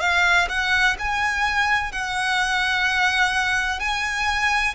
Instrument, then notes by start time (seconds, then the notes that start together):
violin
0.00 F5
0.48 F#5
0.99 G#5
1.92 F#5
3.79 G#5